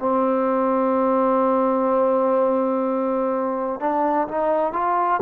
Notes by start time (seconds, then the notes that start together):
0.00 C4
3.81 D4
4.29 D#4
4.73 F4